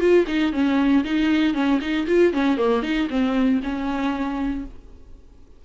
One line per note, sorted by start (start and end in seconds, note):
0.00 0.25 F4
0.27 0.52 D#4
0.53 1.04 C#4
1.04 1.54 D#4
1.54 1.80 C#4
1.81 2.06 D#4
2.07 2.33 F4
2.33 2.57 C#4
2.57 2.82 A#3
2.83 3.08 D#4
3.09 3.60 C4
3.63 4.65 C#4